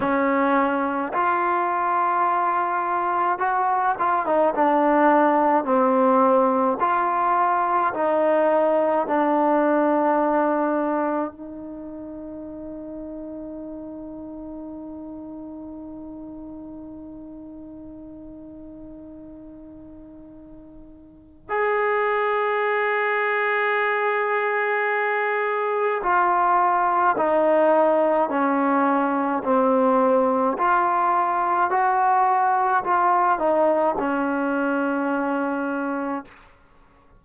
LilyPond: \new Staff \with { instrumentName = "trombone" } { \time 4/4 \tempo 4 = 53 cis'4 f'2 fis'8 f'16 dis'16 | d'4 c'4 f'4 dis'4 | d'2 dis'2~ | dis'1~ |
dis'2. gis'4~ | gis'2. f'4 | dis'4 cis'4 c'4 f'4 | fis'4 f'8 dis'8 cis'2 | }